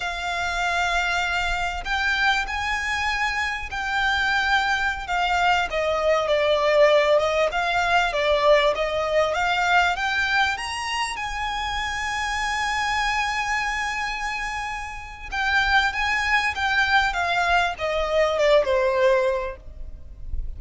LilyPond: \new Staff \with { instrumentName = "violin" } { \time 4/4 \tempo 4 = 98 f''2. g''4 | gis''2 g''2~ | g''16 f''4 dis''4 d''4. dis''16~ | dis''16 f''4 d''4 dis''4 f''8.~ |
f''16 g''4 ais''4 gis''4.~ gis''16~ | gis''1~ | gis''4 g''4 gis''4 g''4 | f''4 dis''4 d''8 c''4. | }